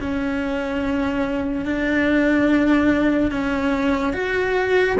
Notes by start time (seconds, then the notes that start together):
0.00 C#4
1.65 D4
3.31 C#4
4.13 F#4